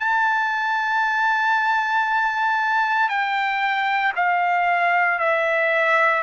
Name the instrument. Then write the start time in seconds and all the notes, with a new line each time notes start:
trumpet
0.00 A5
3.09 G5
4.16 F5
5.20 E5